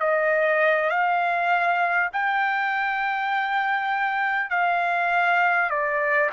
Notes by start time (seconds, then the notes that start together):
0.00 D#5
0.90 F5
2.13 G5
4.51 F5
5.70 D5